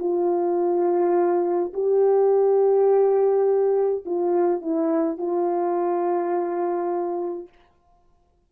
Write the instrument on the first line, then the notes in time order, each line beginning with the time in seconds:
horn
0.00 F4
1.74 G4
4.06 F4
4.62 E4
5.18 F4